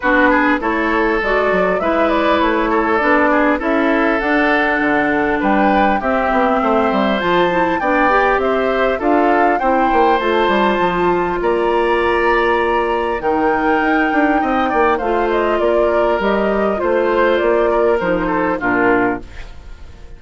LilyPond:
<<
  \new Staff \with { instrumentName = "flute" } { \time 4/4 \tempo 4 = 100 b'4 cis''4 d''4 e''8 d''8 | cis''4 d''4 e''4 fis''4~ | fis''4 g''4 e''2 | a''4 g''4 e''4 f''4 |
g''4 a''2 ais''4~ | ais''2 g''2~ | g''4 f''8 dis''8 d''4 dis''4 | c''4 d''4 c''4 ais'4 | }
  \new Staff \with { instrumentName = "oboe" } { \time 4/4 fis'8 gis'8 a'2 b'4~ | b'8 a'4 gis'8 a'2~ | a'4 b'4 g'4 c''4~ | c''4 d''4 c''4 a'4 |
c''2. d''4~ | d''2 ais'2 | dis''8 d''8 c''4 ais'2 | c''4. ais'4 a'8 f'4 | }
  \new Staff \with { instrumentName = "clarinet" } { \time 4/4 d'4 e'4 fis'4 e'4~ | e'4 d'4 e'4 d'4~ | d'2 c'2 | f'8 e'8 d'8 g'4. f'4 |
e'4 f'2.~ | f'2 dis'2~ | dis'4 f'2 g'4 | f'2 dis'4 d'4 | }
  \new Staff \with { instrumentName = "bassoon" } { \time 4/4 b4 a4 gis8 fis8 gis4 | a4 b4 cis'4 d'4 | d4 g4 c'8 b8 a8 g8 | f4 b4 c'4 d'4 |
c'8 ais8 a8 g8 f4 ais4~ | ais2 dis4 dis'8 d'8 | c'8 ais8 a4 ais4 g4 | a4 ais4 f4 ais,4 | }
>>